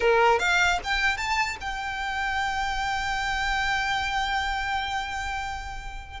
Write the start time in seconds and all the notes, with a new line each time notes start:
0.00 A#4
0.39 F5
0.84 G5
1.17 A5
1.61 G5